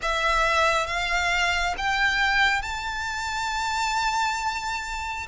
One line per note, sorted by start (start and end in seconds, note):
0.02 0.87 E5
0.87 1.75 F5
1.77 2.62 G5
2.62 5.27 A5